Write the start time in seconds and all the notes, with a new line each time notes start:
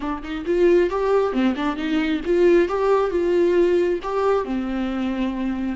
0.00 D4
0.22 D#4
0.45 F4
0.89 G4
1.32 C4
1.56 D4
1.76 D#4
2.25 F4
2.68 G4
3.10 F4
4.03 G4
4.44 C4